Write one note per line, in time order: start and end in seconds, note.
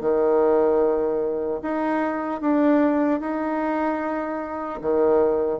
0.00 1.60 D#3
1.62 2.41 D#4
2.41 3.20 D4
3.20 4.80 D#4
4.81 5.59 D#3